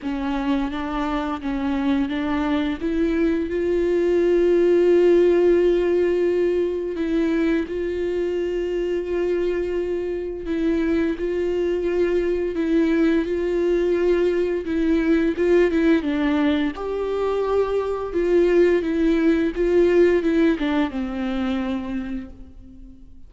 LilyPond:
\new Staff \with { instrumentName = "viola" } { \time 4/4 \tempo 4 = 86 cis'4 d'4 cis'4 d'4 | e'4 f'2.~ | f'2 e'4 f'4~ | f'2. e'4 |
f'2 e'4 f'4~ | f'4 e'4 f'8 e'8 d'4 | g'2 f'4 e'4 | f'4 e'8 d'8 c'2 | }